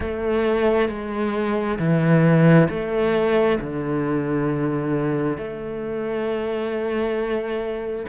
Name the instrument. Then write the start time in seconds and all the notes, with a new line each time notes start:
cello
0.00 A3
0.88 G#3
1.78 E3
2.69 A3
3.60 D3
5.37 A3